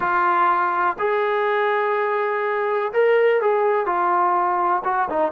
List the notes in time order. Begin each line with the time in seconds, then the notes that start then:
0.00 F4
0.99 G#4
2.93 A#4
3.41 G#4
3.86 F4
4.84 F#4
5.09 D#4